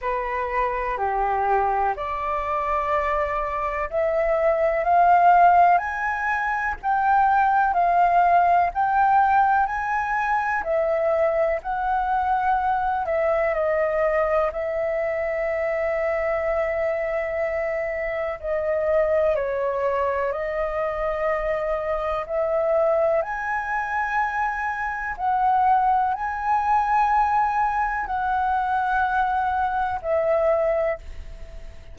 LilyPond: \new Staff \with { instrumentName = "flute" } { \time 4/4 \tempo 4 = 62 b'4 g'4 d''2 | e''4 f''4 gis''4 g''4 | f''4 g''4 gis''4 e''4 | fis''4. e''8 dis''4 e''4~ |
e''2. dis''4 | cis''4 dis''2 e''4 | gis''2 fis''4 gis''4~ | gis''4 fis''2 e''4 | }